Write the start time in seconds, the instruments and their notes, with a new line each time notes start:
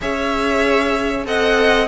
0.01 cello C#4, viola G#4, violin C#5 E5
1.25 cello C4, viola A4, violin D#5 F#5